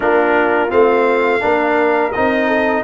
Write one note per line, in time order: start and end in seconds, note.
0.00 0.71 A#3
0.00 0.69 D4
0.00 1.41 F4
0.00 0.70 A#4
0.69 1.43 A3
0.69 1.40 C4
0.69 2.12 F5
1.40 2.15 A#3
1.40 2.11 D4
1.40 2.47 A#4
2.12 2.83 C4
2.12 2.83 D#4
2.12 2.83 D#5
2.47 2.83 A4